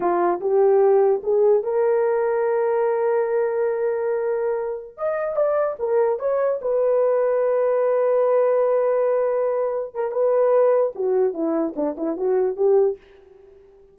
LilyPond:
\new Staff \with { instrumentName = "horn" } { \time 4/4 \tempo 4 = 148 f'4 g'2 gis'4 | ais'1~ | ais'1~ | ais'16 dis''4 d''4 ais'4 cis''8.~ |
cis''16 b'2.~ b'8.~ | b'1~ | b'8 ais'8 b'2 fis'4 | e'4 d'8 e'8 fis'4 g'4 | }